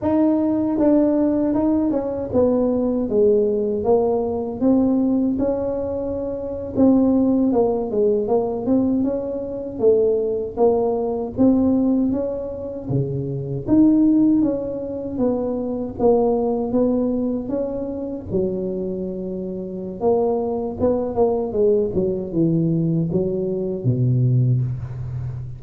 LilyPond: \new Staff \with { instrumentName = "tuba" } { \time 4/4 \tempo 4 = 78 dis'4 d'4 dis'8 cis'8 b4 | gis4 ais4 c'4 cis'4~ | cis'8. c'4 ais8 gis8 ais8 c'8 cis'16~ | cis'8. a4 ais4 c'4 cis'16~ |
cis'8. cis4 dis'4 cis'4 b16~ | b8. ais4 b4 cis'4 fis16~ | fis2 ais4 b8 ais8 | gis8 fis8 e4 fis4 b,4 | }